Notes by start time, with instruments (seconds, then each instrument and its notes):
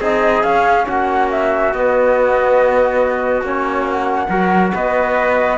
0.00 cello C4, trombone D#4, trumpet G#4, flute D#5
0.43 cello C#4, trombone C#4, flute F5
0.87 cello A#3, trumpet F#4, flute F#5
1.31 flute E5
1.73 cello B3, trombone B3, flute D#5
3.41 cello A#3, trombone C#4, flute C#5
3.90 flute F#5
4.29 cello F#3, trombone F#4, trumpet A#4
4.73 cello B3, trumpet B4, flute D#5